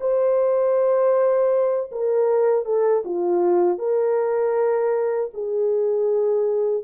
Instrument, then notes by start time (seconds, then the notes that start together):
horn
0.00 C5
1.91 A#4
2.65 A4
3.04 F4
3.78 A#4
5.33 G#4